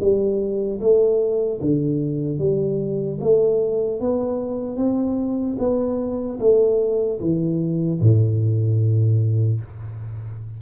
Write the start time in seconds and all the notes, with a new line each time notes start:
0.00 G3
0.80 A3
1.61 D3
2.39 G3
3.21 A3
4.00 B3
4.77 C4
5.59 B3
6.40 A3
7.20 E3
8.00 A2